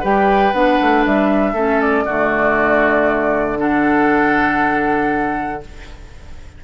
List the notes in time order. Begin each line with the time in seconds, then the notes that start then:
0.00 G3 G4 B4 G5
0.53 B3 D4 F#5
0.81 A3
1.05 G3 E5
1.53 A3 C#4 A4
1.80 D5
2.05 D3 A3 F#4
3.57 D4 A4 F#5